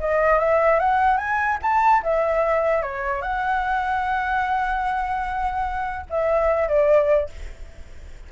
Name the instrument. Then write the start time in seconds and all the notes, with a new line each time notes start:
flute
0.00 D#5
0.39 E5
0.80 F#5
1.18 G#5
1.63 A5
2.03 E5
2.82 C#5
3.22 F#5
6.10 E5
6.69 D5